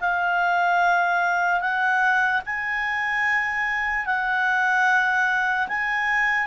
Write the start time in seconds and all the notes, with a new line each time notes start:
0.00 F5
1.60 F#5
2.46 G#5
4.06 F#5
5.68 G#5